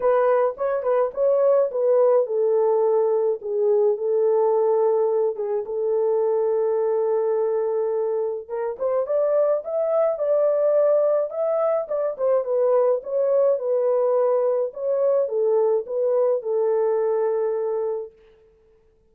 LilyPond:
\new Staff \with { instrumentName = "horn" } { \time 4/4 \tempo 4 = 106 b'4 cis''8 b'8 cis''4 b'4 | a'2 gis'4 a'4~ | a'4. gis'8 a'2~ | a'2. ais'8 c''8 |
d''4 e''4 d''2 | e''4 d''8 c''8 b'4 cis''4 | b'2 cis''4 a'4 | b'4 a'2. | }